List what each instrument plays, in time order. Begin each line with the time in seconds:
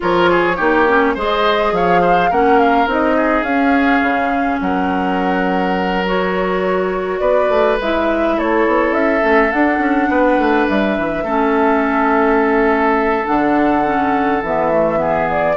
0.00 bassoon F3, clarinet F4, oboe A#4, flute C#5
0.30 oboe G#4
0.56 bassoon A#3, clarinet D#4, oboe G4
0.87 clarinet C#4
1.14 bassoon G#3, clarinet G#4, oboe C5
1.20 flute D#5
1.72 bassoon F3, oboe C#5, flute F5
2.01 oboe C5
2.30 bassoon A#3, clarinet C#4, oboe A#4, flute F#5
2.59 flute F5
2.87 bassoon C4, clarinet D#4, flute D#5
3.16 oboe G#4
3.42 bassoon C#4, clarinet C#4, flute F5
4.02 bassoon C#3
4.60 bassoon F#3, oboe A#4, flute F#5
6.05 clarinet F#4, flute C#5
7.19 bassoon B3, oboe B4, flute D5
7.49 bassoon A3
7.79 bassoon G#3, clarinet E4, flute E5
8.37 bassoon A3, oboe A4, flute C#5
8.66 bassoon B3
8.91 bassoon C#4, flute E5
9.21 bassoon A3, clarinet C#4
9.51 bassoon D4, clarinet D4, flute F#5
9.78 bassoon C#4
10.09 bassoon B3, oboe B4
10.38 bassoon A3
10.68 bassoon G3, flute E5
10.98 bassoon E3
11.23 bassoon A3, clarinet C#4, oboe A4
13.25 bassoon D3, clarinet D4, flute F#5
13.84 clarinet C#4
14.42 bassoon E3, clarinet B3, flute E5
14.71 clarinet A3
14.97 clarinet B3, oboe G#4
15.30 flute D5